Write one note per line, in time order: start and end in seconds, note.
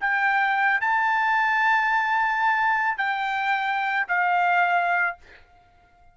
0.00 0.80 G5
0.80 2.97 A5
2.97 4.06 G5
4.08 5.17 F5